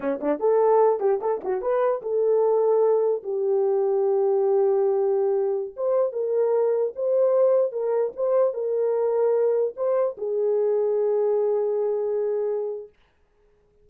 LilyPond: \new Staff \with { instrumentName = "horn" } { \time 4/4 \tempo 4 = 149 cis'8 d'8 a'4. g'8 a'8 fis'8 | b'4 a'2. | g'1~ | g'2~ g'16 c''4 ais'8.~ |
ais'4~ ais'16 c''2 ais'8.~ | ais'16 c''4 ais'2~ ais'8.~ | ais'16 c''4 gis'2~ gis'8.~ | gis'1 | }